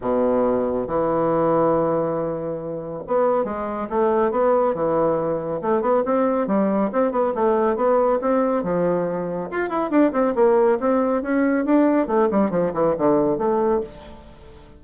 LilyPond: \new Staff \with { instrumentName = "bassoon" } { \time 4/4 \tempo 4 = 139 b,2 e2~ | e2. b4 | gis4 a4 b4 e4~ | e4 a8 b8 c'4 g4 |
c'8 b8 a4 b4 c'4 | f2 f'8 e'8 d'8 c'8 | ais4 c'4 cis'4 d'4 | a8 g8 f8 e8 d4 a4 | }